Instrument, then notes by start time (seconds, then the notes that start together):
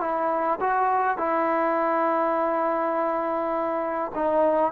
trombone
0.00 E4
0.60 F#4
1.17 E4
4.14 D#4